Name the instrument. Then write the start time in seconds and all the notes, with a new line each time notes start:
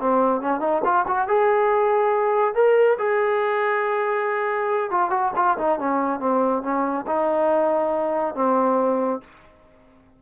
trombone
0.00 C4
0.41 C#4
0.60 D#4
0.84 F4
1.07 F#4
1.28 G#4
2.54 A#4
2.98 G#4
4.90 F4
5.10 F#4
5.36 F4
5.58 D#4
5.79 C#4
6.19 C4
6.62 C#4
7.06 D#4
8.35 C4